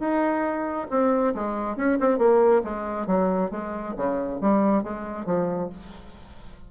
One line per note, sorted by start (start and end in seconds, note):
0.00 0.88 D#4
0.91 1.35 C4
1.35 1.77 G#3
1.77 1.99 C#4
2.01 2.19 C4
2.19 2.63 A#3
2.65 3.08 G#3
3.08 3.51 F#3
3.51 3.95 G#3
3.97 4.41 C#3
4.41 4.84 G3
4.84 5.26 G#3
5.26 5.70 F3